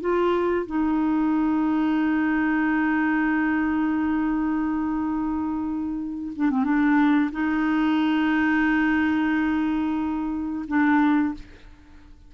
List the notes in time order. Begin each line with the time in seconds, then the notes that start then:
0.00 F4
0.66 D#4
6.36 D4
6.50 C4
6.64 D4
7.32 D#4
10.68 D4